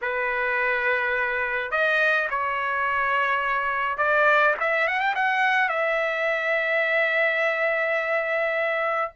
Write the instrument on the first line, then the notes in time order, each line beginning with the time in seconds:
trumpet
0.01 B4
1.71 D#5
2.29 C#5
3.97 D5
4.59 E5
4.87 F#5
5.00 G5
5.15 F#5
5.69 E5